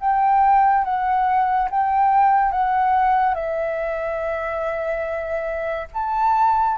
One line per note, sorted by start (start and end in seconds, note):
0.00 0.85 G5
0.85 1.69 F#5
1.71 2.52 G5
2.52 3.34 F#5
3.34 5.88 E5
5.94 6.78 A5